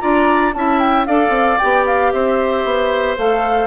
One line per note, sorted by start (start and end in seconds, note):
0.00 0.55 D4
0.00 0.53 F4
0.00 0.54 D5
0.00 0.53 A#5
0.54 1.07 C#4
0.54 1.07 E4
0.54 1.07 E5
0.54 0.79 A5
0.79 1.05 G5
1.06 1.29 D4
1.06 1.60 A4
1.06 2.13 D5
1.06 1.58 F5
1.29 1.56 C4
1.58 2.13 B3
1.58 3.18 G4
1.58 1.84 G5
1.87 2.12 F5
2.12 2.64 C4
2.12 3.67 C5
2.12 3.17 E5
2.64 3.17 B3
3.18 3.67 A3
3.18 3.67 A4
3.18 3.67 F5